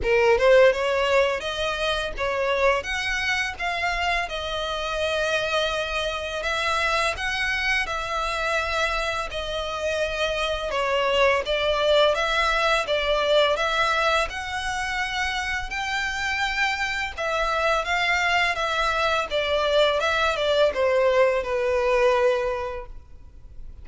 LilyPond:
\new Staff \with { instrumentName = "violin" } { \time 4/4 \tempo 4 = 84 ais'8 c''8 cis''4 dis''4 cis''4 | fis''4 f''4 dis''2~ | dis''4 e''4 fis''4 e''4~ | e''4 dis''2 cis''4 |
d''4 e''4 d''4 e''4 | fis''2 g''2 | e''4 f''4 e''4 d''4 | e''8 d''8 c''4 b'2 | }